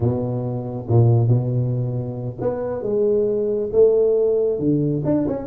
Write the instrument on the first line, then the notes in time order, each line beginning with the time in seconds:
tuba
0.00 B2
0.88 A#2
1.27 B2
2.40 B3
2.82 G#3
3.72 A3
4.59 D3
5.05 D4
5.27 C#4